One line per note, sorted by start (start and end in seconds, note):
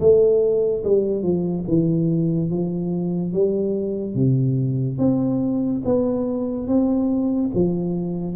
0.00 0.83 A3
0.84 1.23 G3
1.23 1.64 F3
1.68 2.50 E3
2.50 3.33 F3
3.33 4.15 G3
4.15 4.98 C3
4.98 5.82 C4
5.84 6.67 B3
6.67 7.51 C4
7.54 8.36 F3